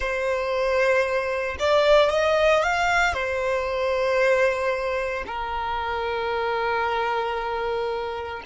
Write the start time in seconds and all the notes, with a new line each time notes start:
0.00 C5
1.59 D5
2.10 D#5
2.63 F5
3.13 C5
5.26 A#4